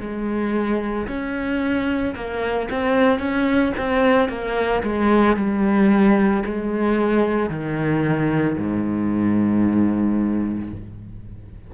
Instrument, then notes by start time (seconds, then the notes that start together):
cello
0.00 G#3
1.08 C#4
2.15 A#3
2.71 C4
3.19 C#4
3.77 C4
4.29 A#3
4.83 G#3
5.37 G3
6.45 G#3
7.50 D#3
8.58 G#2